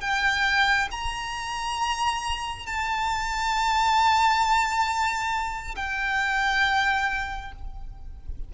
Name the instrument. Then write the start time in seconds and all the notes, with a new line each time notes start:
violin
0.00 G5
0.91 A#5
2.66 A5
5.75 G5